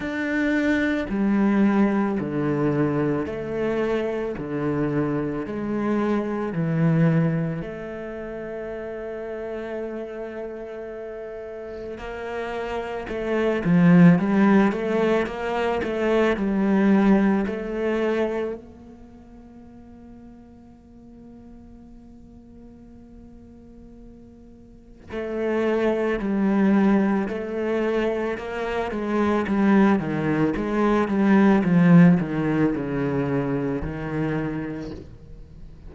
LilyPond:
\new Staff \with { instrumentName = "cello" } { \time 4/4 \tempo 4 = 55 d'4 g4 d4 a4 | d4 gis4 e4 a4~ | a2. ais4 | a8 f8 g8 a8 ais8 a8 g4 |
a4 ais2.~ | ais2. a4 | g4 a4 ais8 gis8 g8 dis8 | gis8 g8 f8 dis8 cis4 dis4 | }